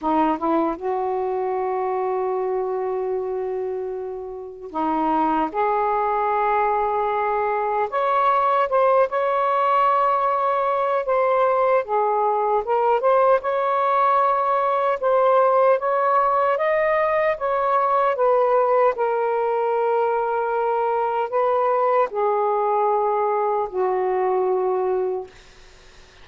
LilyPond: \new Staff \with { instrumentName = "saxophone" } { \time 4/4 \tempo 4 = 76 dis'8 e'8 fis'2.~ | fis'2 dis'4 gis'4~ | gis'2 cis''4 c''8 cis''8~ | cis''2 c''4 gis'4 |
ais'8 c''8 cis''2 c''4 | cis''4 dis''4 cis''4 b'4 | ais'2. b'4 | gis'2 fis'2 | }